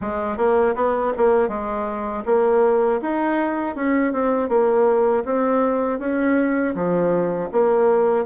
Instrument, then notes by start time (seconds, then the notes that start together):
bassoon
0.01 G#3
0.37 A#3
0.75 B3
1.17 A#3
1.48 G#3
2.25 A#3
3.01 D#4
3.75 C#4
4.12 C4
4.49 A#3
5.25 C4
5.99 C#4
6.74 F3
7.51 A#3